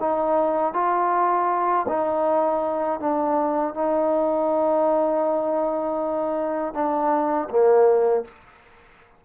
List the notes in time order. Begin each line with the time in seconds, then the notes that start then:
0.00 D#4
0.74 F4
1.88 D#4
3.00 D4
3.74 D#4
6.74 D4
7.50 A#3